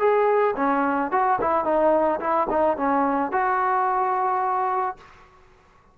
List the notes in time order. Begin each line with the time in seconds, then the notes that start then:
0.00 G#4
0.57 C#4
1.12 F#4
1.41 E4
1.65 D#4
2.21 E4
2.50 D#4
2.77 C#4
3.32 F#4